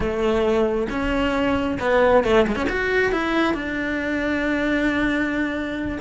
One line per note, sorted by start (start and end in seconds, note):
0.00 0.87 A3
0.89 1.78 C#4
1.79 2.24 B3
2.24 2.46 A3
2.47 2.55 G#3
2.55 2.66 C#4
2.69 3.12 F#4
3.12 3.53 E4
3.53 5.98 D4